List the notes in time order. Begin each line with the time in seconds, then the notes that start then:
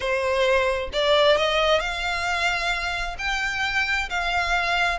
0.00 C5
0.92 D5
1.37 D#5
1.80 F5
3.18 G5
4.09 F5